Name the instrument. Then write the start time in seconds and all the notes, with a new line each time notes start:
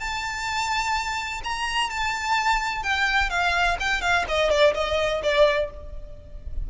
violin
0.00 A5
1.44 A#5
1.90 A5
2.83 G5
3.30 F5
3.80 G5
4.02 F5
4.28 D#5
4.51 D5
4.75 D#5
5.23 D5